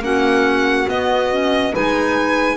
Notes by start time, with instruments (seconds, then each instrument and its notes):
0.00 double bass A#3, clarinet C#4, saxophone F#4, violin F#5
0.87 clarinet B3, double bass B3, violin D#5
1.31 clarinet C#4
1.71 double bass G#3, clarinet D#4, saxophone B4, violin G#5